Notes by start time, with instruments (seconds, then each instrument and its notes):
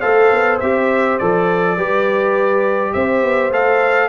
0.00 tuba A3, trombone A4, horn C5, trumpet F5
0.31 tuba B3
0.60 tuba C4, trombone G4, trumpet E5
1.18 tuba F3, trombone A4, trumpet D5
1.76 tuba G3, trombone G4, horn B4
2.93 tuba C4, horn C5, trumpet E5
3.23 tuba B3
3.51 tuba A3, trombone A4, trumpet F5